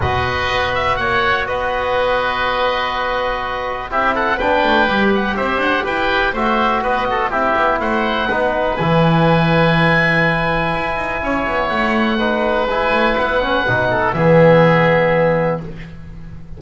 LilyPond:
<<
  \new Staff \with { instrumentName = "oboe" } { \time 4/4 \tempo 4 = 123 dis''4. e''8 fis''4 dis''4~ | dis''1 | e''8 fis''8 g''4. fis''8 e''8 fis''8 | g''4 e''4 dis''4 e''4 |
fis''2 gis''2~ | gis''1 | fis''2 gis''4 fis''4~ | fis''4 e''2. | }
  \new Staff \with { instrumentName = "oboe" } { \time 4/4 b'2 cis''4 b'4~ | b'1 | g'8 a'8 b'2 c''4 | b'4 c''4 b'8 a'8 g'4 |
c''4 b'2.~ | b'2. cis''4~ | cis''4 b'2.~ | b'8 a'8 gis'2. | }
  \new Staff \with { instrumentName = "trombone" } { \time 4/4 fis'1~ | fis'1 | e'4 d'4 g'2~ | g'4 fis'2 e'4~ |
e'4 dis'4 e'2~ | e'1~ | e'4 dis'4 e'4. cis'8 | dis'4 b2. | }
  \new Staff \with { instrumentName = "double bass" } { \time 4/4 b,4 b4 ais4 b4~ | b1 | c'4 b8 a8 g4 c'8 d'8 | e'4 a4 b4 c'8 b8 |
a4 b4 e2~ | e2 e'8 dis'8 cis'8 b8 | a2 gis8 a8 b4 | b,4 e2. | }
>>